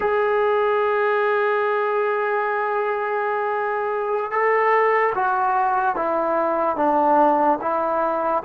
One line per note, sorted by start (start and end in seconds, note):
0.00 4.31 G#4
4.31 5.13 A4
5.14 5.95 F#4
5.95 6.76 E4
6.76 7.58 D4
7.61 8.43 E4